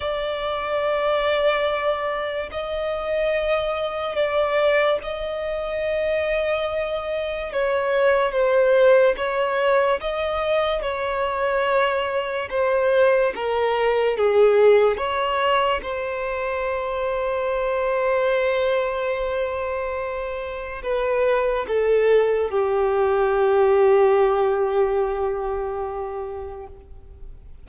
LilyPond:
\new Staff \with { instrumentName = "violin" } { \time 4/4 \tempo 4 = 72 d''2. dis''4~ | dis''4 d''4 dis''2~ | dis''4 cis''4 c''4 cis''4 | dis''4 cis''2 c''4 |
ais'4 gis'4 cis''4 c''4~ | c''1~ | c''4 b'4 a'4 g'4~ | g'1 | }